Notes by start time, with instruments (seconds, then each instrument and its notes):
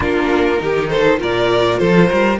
0.00 cello A#3, viola D4, violin F4 A#4
0.57 cello D#3, viola D#4, violin G4
0.89 violin A4 C5
1.17 cello A#2, viola F4, violin A#4 D5
1.78 cello F3, violin A4 C5
2.09 cello G3, violin A#4